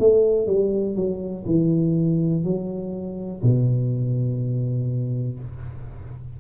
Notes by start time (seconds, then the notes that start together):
0.00 A3
0.47 G3
0.96 F#3
1.46 E3
2.44 F#3
3.42 B2